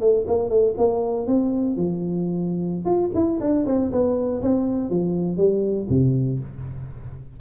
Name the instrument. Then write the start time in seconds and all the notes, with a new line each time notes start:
tuba
0.00 A3
0.27 A#3
0.49 A3
0.77 A#3
1.26 C4
1.76 F3
2.85 F4
3.14 E4
3.40 D4
3.66 C4
3.91 B3
4.42 C4
4.90 F3
5.37 G3
5.89 C3